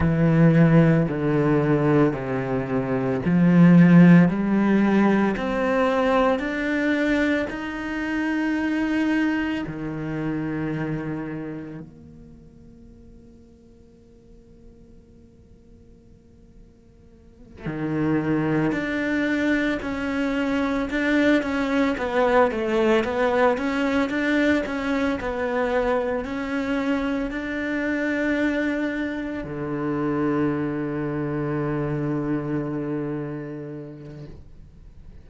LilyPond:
\new Staff \with { instrumentName = "cello" } { \time 4/4 \tempo 4 = 56 e4 d4 c4 f4 | g4 c'4 d'4 dis'4~ | dis'4 dis2 ais4~ | ais1~ |
ais8 dis4 d'4 cis'4 d'8 | cis'8 b8 a8 b8 cis'8 d'8 cis'8 b8~ | b8 cis'4 d'2 d8~ | d1 | }